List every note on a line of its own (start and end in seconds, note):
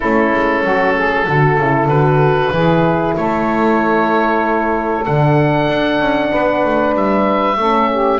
0.00 0.33 A3
0.00 1.27 C#4
0.00 0.63 E4
0.00 1.87 A4
0.33 0.64 G#3
0.63 1.27 F#3
0.63 0.94 F#4
0.97 1.26 G#4
1.26 1.57 D3
1.26 1.61 F#4
1.26 2.53 A4
1.57 1.86 C#3
1.57 1.90 E4
1.86 2.49 D3
1.86 2.53 F#4
1.86 3.14 B4
2.51 3.14 E3
2.51 5.05 E4
2.51 3.17 G#4
3.16 5.06 A3
3.16 6.31 A4
3.16 5.05 C#5
5.05 5.68 D3
5.05 7.57 D4
5.05 6.94 F#5
5.68 5.99 D4
5.99 6.31 C#4
6.31 6.64 B3
6.31 7.57 B4
6.64 6.94 A3
6.94 7.56 G3
6.94 8.20 E5
7.56 8.19 A3
7.56 8.20 C#4
7.56 7.91 A4
7.92 8.20 G4